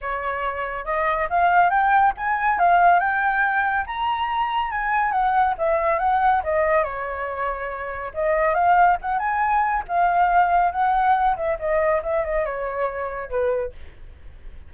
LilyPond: \new Staff \with { instrumentName = "flute" } { \time 4/4 \tempo 4 = 140 cis''2 dis''4 f''4 | g''4 gis''4 f''4 g''4~ | g''4 ais''2 gis''4 | fis''4 e''4 fis''4 dis''4 |
cis''2. dis''4 | f''4 fis''8 gis''4. f''4~ | f''4 fis''4. e''8 dis''4 | e''8 dis''8 cis''2 b'4 | }